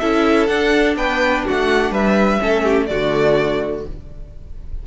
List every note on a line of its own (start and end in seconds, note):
0.00 0.50 C#4
0.00 0.48 E4
0.00 0.97 A4
0.00 0.47 E5
0.47 2.39 D4
0.47 0.96 D4
0.47 0.95 F#5
0.96 1.44 B3
0.96 1.46 B4
0.96 1.45 G5
1.46 1.91 A3
1.46 1.92 F#4
1.46 1.94 F#5
1.91 2.39 G3
1.91 2.40 B4
1.91 2.86 E5
2.39 2.91 A3
2.39 2.87 C#4
2.39 2.64 A4
2.64 2.88 G4
2.86 3.87 D3
2.86 3.85 A3
2.86 3.86 F#4
2.86 3.82 D5